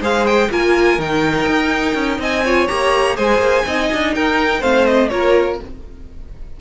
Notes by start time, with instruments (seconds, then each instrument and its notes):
0.00 cello G#3, viola G#4, violin C5 F5
0.26 violin G5
0.50 cello A#3, viola F4, violin A#4 G#5
0.98 cello D#3, viola D#4, violin G5
1.47 cello D#4
1.94 cello C#4
2.18 cello C4, violin D#5 G#5
2.44 viola F4, violin C#5
2.67 cello A#3, viola G4, violin A#5
3.16 cello G#3, viola G#4, violin C5 G#5
3.38 cello A#3
3.65 cello C4, viola D#4, violin D#5
3.92 cello D4
4.14 cello D#4, violin A#4 G5
4.60 cello A3, viola C4, violin C5 F5
4.86 violin D#5
5.08 cello A#3, viola F4, violin A#4 C#5